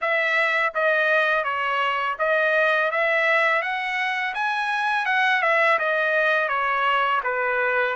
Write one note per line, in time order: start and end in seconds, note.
0.01 0.73 E5
0.74 1.44 D#5
1.44 2.16 C#5
2.19 2.91 D#5
2.91 3.61 E5
3.61 4.34 F#5
4.34 5.05 G#5
5.05 5.42 F#5
5.42 5.78 E5
5.78 6.48 D#5
6.48 7.21 C#5
7.23 7.95 B4